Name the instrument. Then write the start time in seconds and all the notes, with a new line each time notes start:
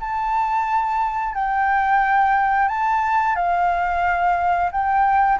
flute
0.00 A5
1.35 G5
2.69 A5
3.36 F5
4.72 G5